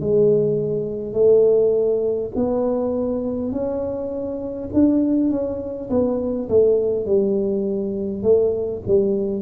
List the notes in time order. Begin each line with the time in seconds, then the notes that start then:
0.00 G#3
1.13 A3
2.35 B3
3.52 C#4
4.73 D4
5.30 C#4
5.90 B3
6.49 A3
7.06 G3
8.23 A3
8.87 G3